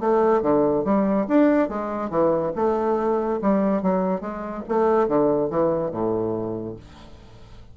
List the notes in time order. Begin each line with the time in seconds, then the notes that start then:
0.00 A3
0.42 D3
0.85 G3
1.28 D4
1.69 G#3
2.10 E3
2.56 A3
3.42 G3
3.83 F#3
4.21 G#3
4.69 A3
5.08 D3
5.50 E3
5.92 A2